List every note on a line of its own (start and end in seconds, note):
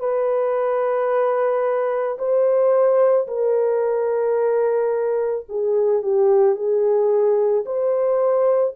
0.00 2.18 B4
2.19 3.28 C5
3.28 5.46 A#4
5.49 6.03 G#4
6.03 6.56 G4
6.56 7.65 G#4
7.66 8.75 C5